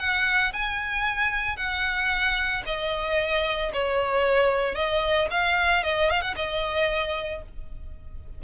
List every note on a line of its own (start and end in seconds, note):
0.00 0.53 F#5
0.54 1.57 G#5
1.57 2.63 F#5
2.66 3.73 D#5
3.73 4.75 C#5
4.75 5.29 D#5
5.31 5.84 F5
5.84 6.10 D#5
6.11 6.22 F5
6.22 6.35 F#5
6.36 7.42 D#5